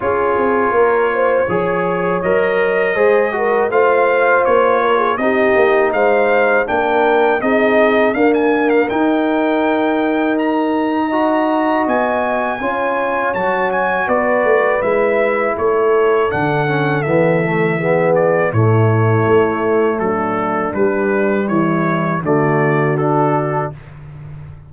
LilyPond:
<<
  \new Staff \with { instrumentName = "trumpet" } { \time 4/4 \tempo 4 = 81 cis''2. dis''4~ | dis''4 f''4 cis''4 dis''4 | f''4 g''4 dis''4 f''16 gis''8 f''16 | g''2 ais''2 |
gis''2 a''8 gis''8 d''4 | e''4 cis''4 fis''4 e''4~ | e''8 d''8 cis''2 a'4 | b'4 cis''4 d''4 a'4 | }
  \new Staff \with { instrumentName = "horn" } { \time 4/4 gis'4 ais'8 c''8 cis''2 | c''8 ais'8 c''4. ais'16 gis'16 g'4 | c''4 ais'4 gis'4 ais'4~ | ais'2. dis''4~ |
dis''4 cis''2 b'4~ | b'4 a'2. | gis'4 e'2 d'4~ | d'4 e'4 fis'2 | }
  \new Staff \with { instrumentName = "trombone" } { \time 4/4 f'2 gis'4 ais'4 | gis'8 fis'8 f'2 dis'4~ | dis'4 d'4 dis'4 ais4 | dis'2. fis'4~ |
fis'4 f'4 fis'2 | e'2 d'8 cis'8 b8 a8 | b4 a2. | g2 a4 d'4 | }
  \new Staff \with { instrumentName = "tuba" } { \time 4/4 cis'8 c'8 ais4 f4 fis4 | gis4 a4 ais4 c'8 ais8 | gis4 ais4 c'4 d'4 | dis'1 |
b4 cis'4 fis4 b8 a8 | gis4 a4 d4 e4~ | e4 a,4 a4 fis4 | g4 e4 d2 | }
>>